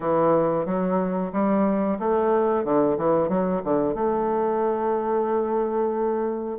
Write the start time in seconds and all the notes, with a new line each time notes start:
0.00 E3
0.65 F#3
1.32 G3
1.99 A3
2.64 D3
2.97 E3
3.28 F#3
3.64 D3
3.94 A3